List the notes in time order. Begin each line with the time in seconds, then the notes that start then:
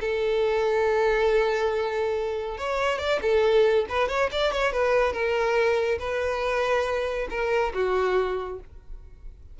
0.00 A4
2.58 C#5
2.98 D5
3.22 A4
3.89 B4
4.08 C#5
4.31 D5
4.52 C#5
4.72 B4
5.13 A#4
5.99 B4
7.30 A#4
7.74 F#4